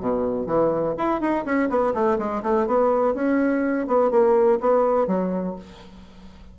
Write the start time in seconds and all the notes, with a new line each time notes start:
0.00 B2
0.47 E3
0.98 E4
1.21 D#4
1.45 C#4
1.70 B3
1.94 A3
2.18 G#3
2.43 A3
2.67 B3
3.15 C#4
3.88 B3
4.11 A#3
4.60 B3
5.07 F#3